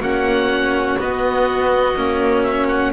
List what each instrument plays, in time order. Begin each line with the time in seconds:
0.00 double bass A#3, cello C#4, violin F#4, oboe F#5
0.99 cello B3, double bass B3, oboe D#5
1.96 double bass A#3, cello C#4
2.43 oboe E5
2.68 oboe F#5